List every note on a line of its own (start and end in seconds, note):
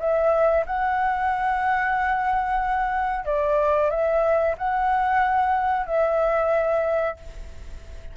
0.00 0.65 E5
0.66 3.25 F#5
3.25 3.90 D5
3.90 4.56 E5
4.58 5.86 F#5
5.86 7.17 E5